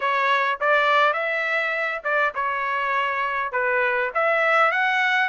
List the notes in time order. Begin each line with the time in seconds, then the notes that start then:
0.00 C#5
0.60 D5
1.13 E5
2.03 D5
2.34 C#5
3.51 B4
4.14 E5
4.71 F#5